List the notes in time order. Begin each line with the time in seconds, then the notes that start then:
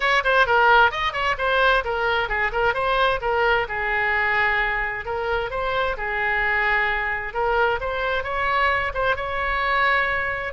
0.00 C#5
0.24 C5
0.46 A#4
0.91 D#5
1.12 C#5
1.38 C5
1.84 A#4
2.28 G#4
2.52 A#4
2.74 C5
3.21 A#4
3.68 G#4
5.05 A#4
5.50 C5
5.97 G#4
7.33 A#4
7.80 C5
8.23 C#5
8.94 C5
9.16 C#5